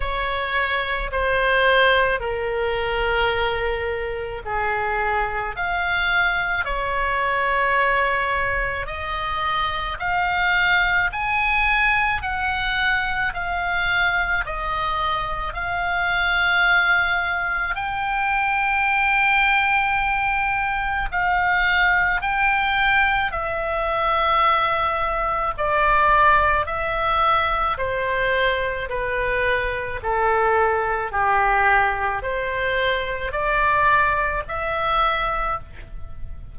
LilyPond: \new Staff \with { instrumentName = "oboe" } { \time 4/4 \tempo 4 = 54 cis''4 c''4 ais'2 | gis'4 f''4 cis''2 | dis''4 f''4 gis''4 fis''4 | f''4 dis''4 f''2 |
g''2. f''4 | g''4 e''2 d''4 | e''4 c''4 b'4 a'4 | g'4 c''4 d''4 e''4 | }